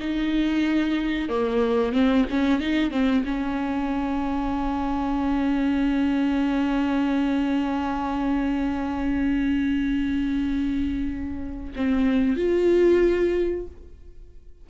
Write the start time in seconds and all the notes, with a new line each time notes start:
0.00 D#4
1.29 A#3
1.93 C4
2.30 C#4
2.60 D#4
2.91 C4
3.25 C#4
11.76 C4
12.36 F4